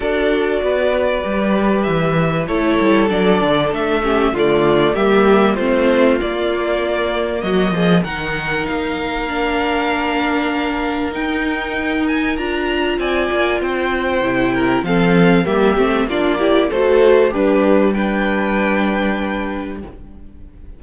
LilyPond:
<<
  \new Staff \with { instrumentName = "violin" } { \time 4/4 \tempo 4 = 97 d''2. e''4 | cis''4 d''4 e''4 d''4 | e''4 c''4 d''2 | dis''4 fis''4 f''2~ |
f''2 g''4. gis''8 | ais''4 gis''4 g''2 | f''4 e''4 d''4 c''4 | b'4 g''2. | }
  \new Staff \with { instrumentName = "violin" } { \time 4/4 a'4 b'2. | a'2~ a'8 g'8 f'4 | g'4 f'2. | fis'8 gis'8 ais'2.~ |
ais'1~ | ais'4 d''4 c''4. ais'8 | a'4 g'4 f'8 g'8 a'4 | d'4 b'2. | }
  \new Staff \with { instrumentName = "viola" } { \time 4/4 fis'2 g'2 | e'4 d'4. cis'8 a4 | ais4 c'4 ais2~ | ais4 dis'2 d'4~ |
d'2 dis'2 | f'2. e'4 | c'4 ais8 c'8 d'8 e'8 fis'4 | g'4 d'2. | }
  \new Staff \with { instrumentName = "cello" } { \time 4/4 d'4 b4 g4 e4 | a8 g8 fis8 d8 a4 d4 | g4 a4 ais2 | fis8 f8 dis4 ais2~ |
ais2 dis'2 | d'4 c'8 ais8 c'4 c4 | f4 g8 a8 ais4 a4 | g1 | }
>>